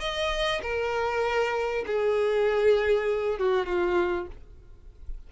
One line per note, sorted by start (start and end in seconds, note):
0.00 0.61 D#5
0.63 1.85 A#4
1.86 3.39 G#4
3.39 3.66 F#4
3.66 4.27 F4